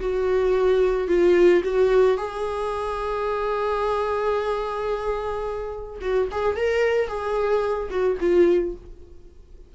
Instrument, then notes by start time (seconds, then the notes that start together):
viola
0.00 F#4
1.08 F4
1.64 F#4
2.17 G#4
6.01 F#4
6.31 G#4
6.56 A#4
7.08 G#4
7.90 F#4
8.20 F4